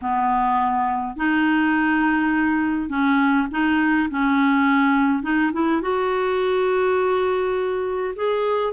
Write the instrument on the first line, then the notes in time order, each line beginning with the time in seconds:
clarinet
0.01 B3
1.16 D#4
2.89 C#4
3.51 D#4
4.10 C#4
5.22 D#4
5.53 E4
5.81 F#4
8.15 G#4